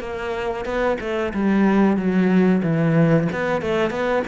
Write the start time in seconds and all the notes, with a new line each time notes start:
0.00 A#3
0.65 B3
1.00 A3
1.34 G3
1.97 F#3
2.63 E3
3.32 B3
3.61 A3
3.90 B3